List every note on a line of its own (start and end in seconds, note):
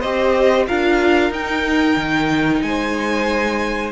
0.00 0.69 C4
0.00 0.68 G4
0.00 0.65 C5
0.00 0.66 D#5
0.67 1.31 D4
0.67 1.32 F4
0.67 2.63 A#4
0.67 1.32 F5
1.31 1.96 D#4
1.31 3.92 D#4
1.31 2.62 G5
1.96 2.61 D#3
2.62 3.92 G#3
2.62 3.92 C5
2.62 3.92 G#5